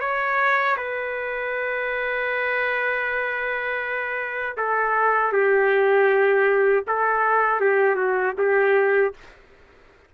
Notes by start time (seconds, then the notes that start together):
0.00 C#5
0.77 B4
4.57 A4
5.32 G4
6.87 A4
7.60 G4
7.95 F#4
8.38 G4